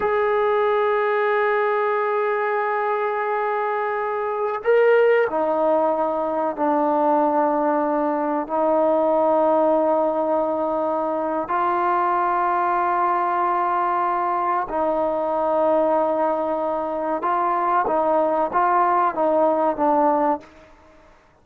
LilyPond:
\new Staff \with { instrumentName = "trombone" } { \time 4/4 \tempo 4 = 94 gis'1~ | gis'2.~ gis'16 ais'8.~ | ais'16 dis'2 d'4.~ d'16~ | d'4~ d'16 dis'2~ dis'8.~ |
dis'2 f'2~ | f'2. dis'4~ | dis'2. f'4 | dis'4 f'4 dis'4 d'4 | }